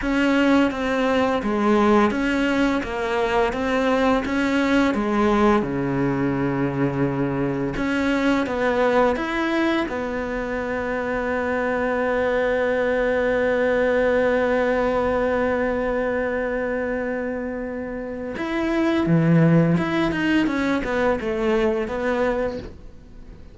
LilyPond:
\new Staff \with { instrumentName = "cello" } { \time 4/4 \tempo 4 = 85 cis'4 c'4 gis4 cis'4 | ais4 c'4 cis'4 gis4 | cis2. cis'4 | b4 e'4 b2~ |
b1~ | b1~ | b2 e'4 e4 | e'8 dis'8 cis'8 b8 a4 b4 | }